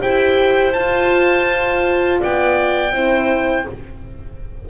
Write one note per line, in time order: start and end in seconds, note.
0.00 0.74 E4
0.00 0.73 G4
0.00 2.19 C5
0.00 0.72 G5
0.72 2.21 F4
0.72 2.93 F4
0.72 2.19 A5
2.19 2.92 B3
2.19 2.92 D5
2.19 3.69 G5
2.92 3.65 C4
2.92 3.66 E4
2.92 3.66 C5